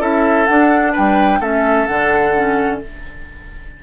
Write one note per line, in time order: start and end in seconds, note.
0.00 0.47 C#4
0.00 0.47 E4
0.00 0.93 A4
0.00 0.47 E5
0.47 1.42 D4
0.47 0.97 D4
0.47 0.93 F#5
0.93 1.40 G3
0.93 1.39 B4
0.93 1.42 G5
1.40 1.87 A3
1.40 1.88 C#4
1.40 2.81 A4
1.40 1.87 E5
1.87 2.83 D3
1.87 2.35 D4
1.87 2.80 F#5
2.35 2.82 C#4